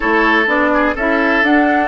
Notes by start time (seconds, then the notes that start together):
0.00 A3 E4 A4 C#5
0.46 B3 D4 D5
0.74 G#4
0.95 C#4 E4 A4 E5
1.42 D4 F#5